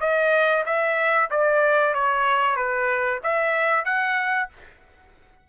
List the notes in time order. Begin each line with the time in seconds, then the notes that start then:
0.00 D#5
0.65 E5
1.30 D5
1.94 C#5
2.56 B4
3.23 E5
3.85 F#5